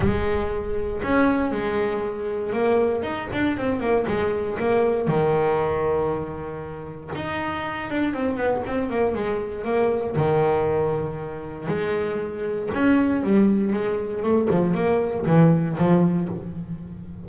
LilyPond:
\new Staff \with { instrumentName = "double bass" } { \time 4/4 \tempo 4 = 118 gis2 cis'4 gis4~ | gis4 ais4 dis'8 d'8 c'8 ais8 | gis4 ais4 dis2~ | dis2 dis'4. d'8 |
c'8 b8 c'8 ais8 gis4 ais4 | dis2. gis4~ | gis4 cis'4 g4 gis4 | a8 f8 ais4 e4 f4 | }